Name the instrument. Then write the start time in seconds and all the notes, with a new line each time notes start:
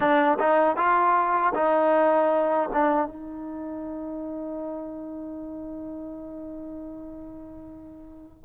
trombone
0.00 D4
0.38 D#4
0.76 F4
1.54 D#4
2.72 D4
3.07 D#4